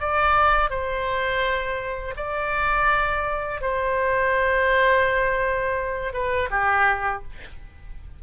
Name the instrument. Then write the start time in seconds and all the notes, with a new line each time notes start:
oboe
0.00 D5
0.70 C5
2.17 D5
3.61 C5
6.13 B4
6.51 G4